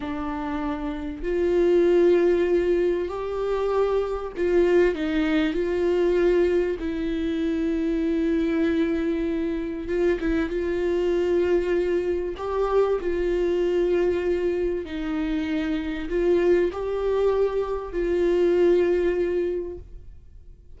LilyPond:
\new Staff \with { instrumentName = "viola" } { \time 4/4 \tempo 4 = 97 d'2 f'2~ | f'4 g'2 f'4 | dis'4 f'2 e'4~ | e'1 |
f'8 e'8 f'2. | g'4 f'2. | dis'2 f'4 g'4~ | g'4 f'2. | }